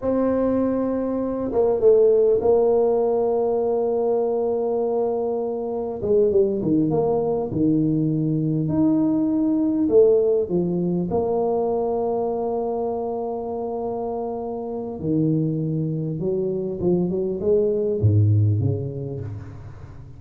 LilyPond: \new Staff \with { instrumentName = "tuba" } { \time 4/4 \tempo 4 = 100 c'2~ c'8 ais8 a4 | ais1~ | ais2 gis8 g8 dis8 ais8~ | ais8 dis2 dis'4.~ |
dis'8 a4 f4 ais4.~ | ais1~ | ais4 dis2 fis4 | f8 fis8 gis4 gis,4 cis4 | }